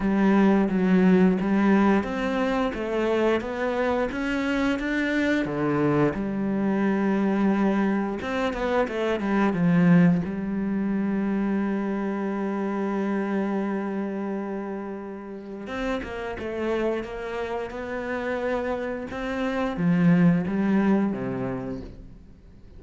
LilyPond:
\new Staff \with { instrumentName = "cello" } { \time 4/4 \tempo 4 = 88 g4 fis4 g4 c'4 | a4 b4 cis'4 d'4 | d4 g2. | c'8 b8 a8 g8 f4 g4~ |
g1~ | g2. c'8 ais8 | a4 ais4 b2 | c'4 f4 g4 c4 | }